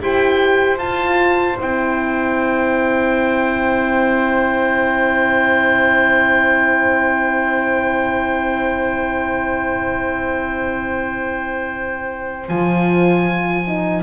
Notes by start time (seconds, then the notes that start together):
0.00 E4 G4 C5 G5
0.77 F4 A5
1.58 C4 E4 G5
12.48 F3 F4 G#5
13.67 D#4